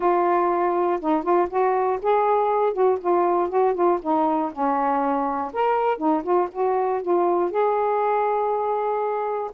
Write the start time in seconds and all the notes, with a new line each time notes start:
0.00 F4
1.00 D#4
1.23 F4
1.49 F#4
2.02 G#4
2.73 F#4
3.00 F4
3.49 F#4
3.74 F4
4.02 D#4
4.52 C#4
5.53 A#4
5.97 D#4
6.23 F4
6.51 F#4
7.02 F4
7.50 G#4